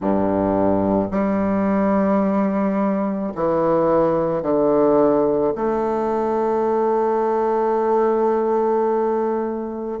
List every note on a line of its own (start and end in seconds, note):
0.01 1.11 G2
1.11 3.33 G3
3.35 4.42 E3
4.42 5.53 D3
5.55 9.99 A3